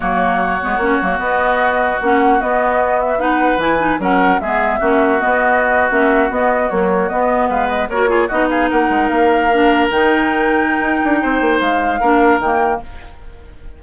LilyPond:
<<
  \new Staff \with { instrumentName = "flute" } { \time 4/4 \tempo 4 = 150 cis''2. dis''4~ | dis''4 fis''4 dis''4. e''8 | fis''4 gis''4 fis''4 e''4~ | e''4 dis''4.~ dis''16 e''4 dis''16~ |
dis''8. cis''4 dis''4 f''8 dis''8 cis''16~ | cis''8. dis''8 f''8 fis''4 f''4~ f''16~ | f''8. g''2.~ g''16~ | g''4 f''2 g''4 | }
  \new Staff \with { instrumentName = "oboe" } { \time 4/4 fis'1~ | fis'1 | b'2 ais'4 gis'4 | fis'1~ |
fis'2~ fis'8. b'4 ais'16~ | ais'16 gis'8 fis'8 gis'8 ais'2~ ais'16~ | ais'1 | c''2 ais'2 | }
  \new Staff \with { instrumentName = "clarinet" } { \time 4/4 ais4. b8 cis'8 ais8 b4~ | b4 cis'4 b2 | dis'4 e'8 dis'8 cis'4 b4 | cis'4 b4.~ b16 cis'4 b16~ |
b8. fis4 b2 fis'16~ | fis'16 f'8 dis'2. d'16~ | d'8. dis'2.~ dis'16~ | dis'2 d'4 ais4 | }
  \new Staff \with { instrumentName = "bassoon" } { \time 4/4 fis4. gis8 ais8 fis8 b4~ | b4 ais4 b2~ | b4 e4 fis4 gis4 | ais4 b4.~ b16 ais4 b16~ |
b8. ais4 b4 gis4 ais16~ | ais8. b4 ais8 gis8 ais4~ ais16~ | ais8. dis2~ dis16 dis'8 d'8 | c'8 ais8 gis4 ais4 dis4 | }
>>